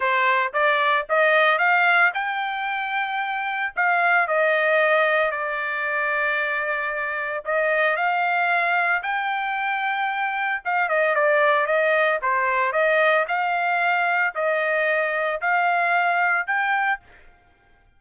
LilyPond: \new Staff \with { instrumentName = "trumpet" } { \time 4/4 \tempo 4 = 113 c''4 d''4 dis''4 f''4 | g''2. f''4 | dis''2 d''2~ | d''2 dis''4 f''4~ |
f''4 g''2. | f''8 dis''8 d''4 dis''4 c''4 | dis''4 f''2 dis''4~ | dis''4 f''2 g''4 | }